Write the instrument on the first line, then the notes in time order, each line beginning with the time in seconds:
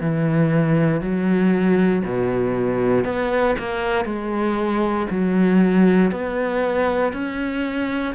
cello
0.00 E3
1.00 F#3
2.04 B2
3.04 B3
3.58 A#3
4.04 G#3
5.10 F#3
6.11 B3
7.13 C#4